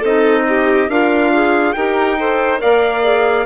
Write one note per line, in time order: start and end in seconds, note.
0.00 0.88 C4
0.00 0.89 D#4
0.00 0.43 A4
0.00 0.90 D#5
0.48 0.91 G4
0.88 1.74 D4
0.88 1.75 F4
0.88 1.32 A#4
0.88 1.73 F5
1.33 1.76 G#4
1.73 2.62 D#4
1.73 2.18 G4
1.73 2.18 A#4
1.73 2.58 G5
2.18 2.58 A4
2.18 2.61 C5
2.58 3.46 A#3
2.58 3.01 A#4
2.58 3.46 D5
2.58 3.46 F5
3.03 3.46 G#4